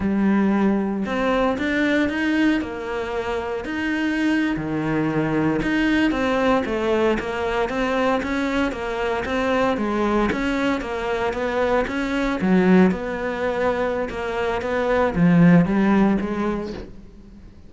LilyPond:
\new Staff \with { instrumentName = "cello" } { \time 4/4 \tempo 4 = 115 g2 c'4 d'4 | dis'4 ais2 dis'4~ | dis'8. dis2 dis'4 c'16~ | c'8. a4 ais4 c'4 cis'16~ |
cis'8. ais4 c'4 gis4 cis'16~ | cis'8. ais4 b4 cis'4 fis16~ | fis8. b2~ b16 ais4 | b4 f4 g4 gis4 | }